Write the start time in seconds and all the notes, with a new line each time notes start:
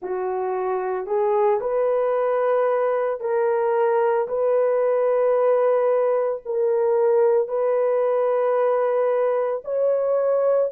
0.02 F#4
1.06 G#4
1.60 B4
3.20 A#4
4.28 B4
6.45 A#4
7.48 B4
9.64 C#5